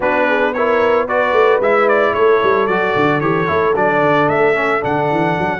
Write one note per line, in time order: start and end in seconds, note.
0.00 1.31 B3
0.00 0.54 D4
0.00 0.26 F#4
0.00 0.53 B4
0.27 0.54 G#4
0.53 1.08 E4
0.53 1.06 A#4
0.53 1.07 C#5
1.06 1.61 F#4
1.06 2.13 B4
1.06 1.61 D5
1.31 1.58 A3
1.60 2.12 G#3
1.60 2.69 E4
1.60 1.88 E5
1.88 2.14 D5
2.12 2.39 A3
2.12 5.59 A4
2.12 2.66 C#5
2.42 2.68 G3
2.66 2.94 F#3
2.66 3.21 F#4
2.66 3.20 D5
2.95 3.21 D3
3.20 3.47 E3
3.20 3.47 G4
3.20 3.74 C#5
3.47 3.75 A3
3.47 3.73 E4
3.75 4.02 F#3
3.75 4.54 D4
3.75 4.28 D5
4.02 4.28 D3
4.28 4.82 A3
4.28 4.82 E5
4.54 4.80 C#4
4.80 5.11 D3
4.80 5.59 D4
4.80 5.59 F#5
5.11 5.38 E3
5.38 5.59 F#3